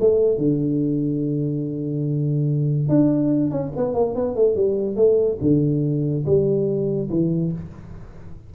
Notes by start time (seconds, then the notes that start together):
0.00 A3
0.38 D3
2.89 D4
3.51 C#4
3.76 B3
3.94 A#3
4.16 B3
4.36 A3
4.56 G3
4.96 A3
5.41 D3
6.26 G3
7.10 E3